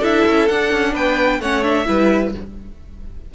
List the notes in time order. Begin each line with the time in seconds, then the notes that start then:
0.00 D4 E4 A4 E5
0.27 C#4
0.48 D4 F#5
0.72 C#4
0.93 B3 B4 G5
1.40 A3 C#4 C#5 F#5
1.64 D4 E5
1.86 G3 E4 B4